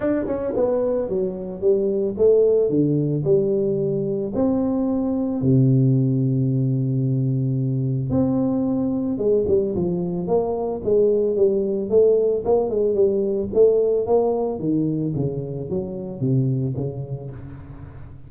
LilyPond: \new Staff \with { instrumentName = "tuba" } { \time 4/4 \tempo 4 = 111 d'8 cis'8 b4 fis4 g4 | a4 d4 g2 | c'2 c2~ | c2. c'4~ |
c'4 gis8 g8 f4 ais4 | gis4 g4 a4 ais8 gis8 | g4 a4 ais4 dis4 | cis4 fis4 c4 cis4 | }